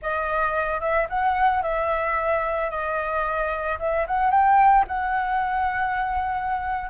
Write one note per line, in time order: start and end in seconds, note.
0.01 0.80 D#5
0.80 1.07 E5
1.09 1.62 F#5
1.62 2.70 E5
2.70 3.78 D#5
3.79 4.06 E5
4.07 4.30 F#5
4.30 4.85 G5
4.87 6.90 F#5